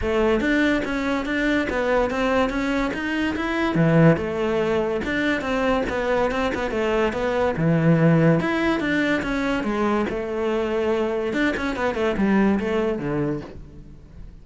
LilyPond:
\new Staff \with { instrumentName = "cello" } { \time 4/4 \tempo 4 = 143 a4 d'4 cis'4 d'4 | b4 c'4 cis'4 dis'4 | e'4 e4 a2 | d'4 c'4 b4 c'8 b8 |
a4 b4 e2 | e'4 d'4 cis'4 gis4 | a2. d'8 cis'8 | b8 a8 g4 a4 d4 | }